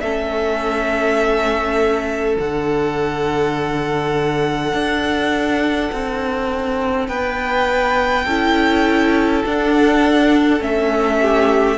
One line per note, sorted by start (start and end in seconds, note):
0.00 2.37 A3
0.00 2.38 C#4
0.00 7.09 A4
0.00 2.35 E5
2.38 4.73 D3
2.38 8.26 D4
2.38 7.07 F#5
4.73 5.90 D4
5.92 7.08 C4
7.07 8.25 B3
7.07 8.25 B4
7.07 9.42 G5
8.25 9.43 C#4
8.25 9.45 E4
8.25 11.19 A4
9.45 10.60 D4
9.45 10.62 F#5
10.60 11.77 A3
10.60 11.77 C#4
10.60 11.77 E5
11.21 11.77 G4